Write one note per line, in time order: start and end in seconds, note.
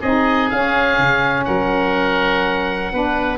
0.00 0.50 C4
0.00 0.52 D#4
0.00 1.45 G#4
0.00 0.50 D#5
0.50 0.97 C#4
0.50 2.93 C#4
0.50 1.44 F5
0.97 1.46 C#3
1.44 2.92 F#3
1.44 2.92 A#4
1.44 3.38 F#5
2.92 3.38 B3
2.92 3.38 D4
2.92 3.38 B4